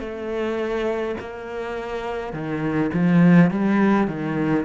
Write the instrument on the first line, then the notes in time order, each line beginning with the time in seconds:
cello
0.00 A3
1.20 A#3
2.33 D#3
2.94 F3
3.51 G3
4.08 D#3